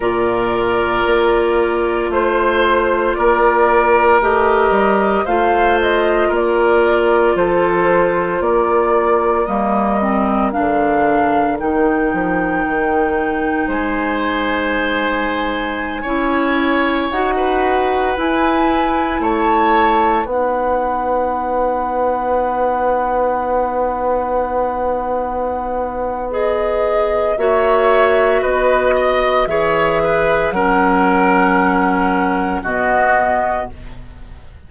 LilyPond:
<<
  \new Staff \with { instrumentName = "flute" } { \time 4/4 \tempo 4 = 57 d''2 c''4 d''4 | dis''4 f''8 dis''8 d''4 c''4 | d''4 dis''4 f''4 g''4~ | g''4 gis''2.~ |
gis''16 fis''4 gis''4 a''4 fis''8.~ | fis''1~ | fis''4 dis''4 e''4 dis''4 | e''4 fis''2 dis''4 | }
  \new Staff \with { instrumentName = "oboe" } { \time 4/4 ais'2 c''4 ais'4~ | ais'4 c''4 ais'4 a'4 | ais'1~ | ais'4 c''2~ c''16 cis''8.~ |
cis''8 b'4.~ b'16 cis''4 b'8.~ | b'1~ | b'2 cis''4 b'8 dis''8 | cis''8 b'8 ais'2 fis'4 | }
  \new Staff \with { instrumentName = "clarinet" } { \time 4/4 f'1 | g'4 f'2.~ | f'4 ais8 c'8 d'4 dis'4~ | dis'2.~ dis'16 e'8.~ |
e'16 fis'4 e'2 dis'8.~ | dis'1~ | dis'4 gis'4 fis'2 | gis'4 cis'2 b4 | }
  \new Staff \with { instrumentName = "bassoon" } { \time 4/4 ais,4 ais4 a4 ais4 | a8 g8 a4 ais4 f4 | ais4 g4 d4 dis8 f8 | dis4 gis2~ gis16 cis'8.~ |
cis'16 dis'4 e'4 a4 b8.~ | b1~ | b2 ais4 b4 | e4 fis2 b,4 | }
>>